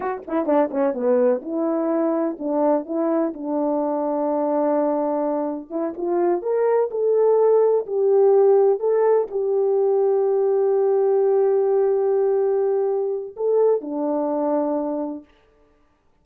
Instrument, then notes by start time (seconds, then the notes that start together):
horn
0.00 F#4
0.27 E4
0.45 D4
0.70 C#4
0.93 B3
1.42 E4
2.39 D4
2.85 E4
3.33 D4
5.69 E4
5.97 F4
6.42 A#4
6.90 A4
7.86 G4
8.79 A4
9.30 G4
13.36 A4
13.81 D4